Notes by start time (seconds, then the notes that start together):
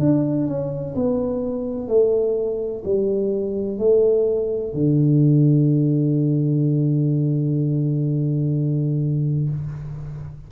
0.00 D4
0.47 C#4
0.95 B3
1.88 A3
2.85 G3
3.79 A3
4.74 D3